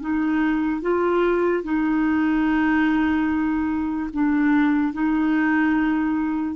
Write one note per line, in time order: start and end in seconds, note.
0.00 0.81 D#4
0.81 1.63 F4
1.63 4.10 D#4
4.13 4.93 D4
4.93 6.56 D#4